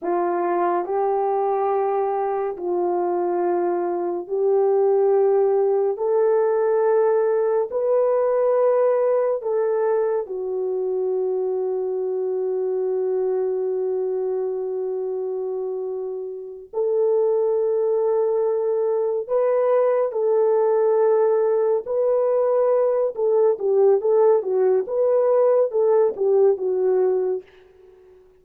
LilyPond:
\new Staff \with { instrumentName = "horn" } { \time 4/4 \tempo 4 = 70 f'4 g'2 f'4~ | f'4 g'2 a'4~ | a'4 b'2 a'4 | fis'1~ |
fis'2.~ fis'8 a'8~ | a'2~ a'8 b'4 a'8~ | a'4. b'4. a'8 g'8 | a'8 fis'8 b'4 a'8 g'8 fis'4 | }